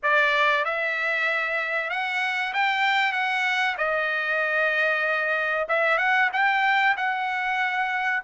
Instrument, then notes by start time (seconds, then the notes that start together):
trumpet
0.03 D5
0.65 E5
1.90 F#5
2.53 G5
3.12 F#5
3.77 D#5
5.68 E5
5.98 F#5
6.32 G5
6.96 F#5